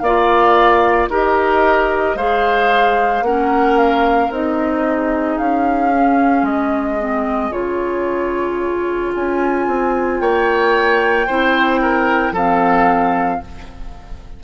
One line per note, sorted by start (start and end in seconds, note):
0.00 1.09 A#3
0.00 1.11 F4
0.00 1.10 D5
0.00 1.07 F5
1.09 2.16 D#4
1.09 2.18 G4
1.09 2.17 A#4
1.09 2.18 D#5
2.16 3.22 G#3
2.16 3.25 G#4
2.16 3.24 C5
2.16 3.24 F5
3.22 4.29 A#3
3.22 4.31 C#4
3.22 4.87 A#4
3.22 3.78 F#5
3.78 4.31 F5
4.31 5.38 C4
4.31 5.92 D#4
4.31 5.38 D#5
4.87 10.21 G#4
5.38 6.43 C#4
5.38 6.46 F5
5.92 6.99 C#4
6.43 7.50 G#3
6.43 7.52 D#5
6.99 7.52 C4
7.52 9.13 C#3
7.52 11.27 F4
7.52 9.13 C#5
9.15 9.68 C#4
9.15 10.21 G#5
9.68 10.21 C4
10.21 11.28 A#3
10.21 11.27 C#5
10.21 12.35 G5
11.27 12.32 C4
11.27 12.35 E4
11.27 11.81 C5
11.82 12.33 A#4
12.32 13.39 F3
12.32 13.42 C4
12.32 13.40 A4
12.32 13.44 F5